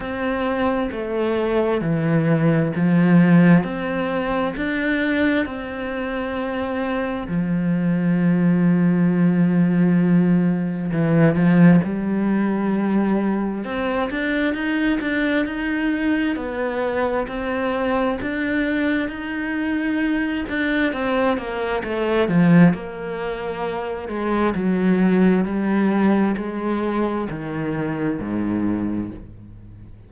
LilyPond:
\new Staff \with { instrumentName = "cello" } { \time 4/4 \tempo 4 = 66 c'4 a4 e4 f4 | c'4 d'4 c'2 | f1 | e8 f8 g2 c'8 d'8 |
dis'8 d'8 dis'4 b4 c'4 | d'4 dis'4. d'8 c'8 ais8 | a8 f8 ais4. gis8 fis4 | g4 gis4 dis4 gis,4 | }